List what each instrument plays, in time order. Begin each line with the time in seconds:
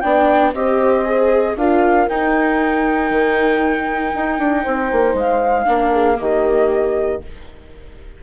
0.00 bassoon B3, viola D4, horn D5, flute G5
0.53 bassoon C4, viola G4, horn C5, flute D#5
1.04 viola G#4
1.56 bassoon D4, viola F4, horn A#4, flute F5
2.08 viola D#4, bassoon D#4, flute G5
3.10 bassoon D#3
4.14 bassoon D#4
4.38 bassoon D4
4.62 bassoon C4, horn C5
4.91 bassoon A#3
5.14 bassoon G#3, flute F5
5.65 bassoon A#3, viola D4, horn A#4
5.92 horn G#4
6.15 bassoon D#3, viola A#3, horn G4, flute D#5